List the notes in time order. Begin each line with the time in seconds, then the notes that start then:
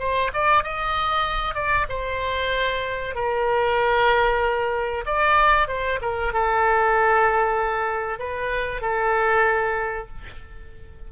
0.00 C5
0.34 D5
0.64 D#5
1.55 D5
1.89 C5
3.16 A#4
5.06 D5
5.68 C5
6.02 A#4
6.33 A4
8.20 B4
8.82 A4